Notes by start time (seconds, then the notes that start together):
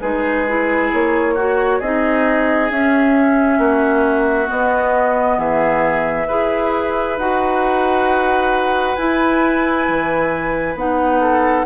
0.00 G#3 D#4 G#4 B4
0.47 E4
0.92 A#3 C#5
1.34 F#4
1.79 C4 D#4 G#4 D#5
2.70 C#4 E5
3.58 A#3 F#4
4.46 B3 D#5
5.37 E3 G#4 E5
6.27 E4 G#4 B4
7.17 D#4 F#4 F#5
8.96 E4 G#5
9.88 E3
10.75 B3 D#4 F#5
11.20 A4